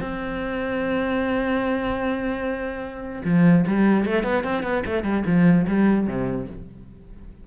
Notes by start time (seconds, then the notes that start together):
0.00 C4
3.25 F3
3.67 G3
4.05 A3
4.24 B3
4.44 C4
4.63 B3
4.86 A3
5.03 G3
5.26 F3
5.67 G3
6.07 C3